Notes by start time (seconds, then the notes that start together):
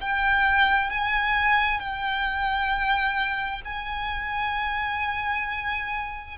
0.00 G5
0.90 G#5
1.79 G5
3.64 G#5